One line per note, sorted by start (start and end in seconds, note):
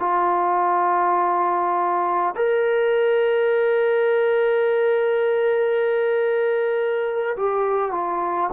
0.00 2.35 F4
2.36 7.36 A#4
7.37 7.92 G4
7.92 8.51 F4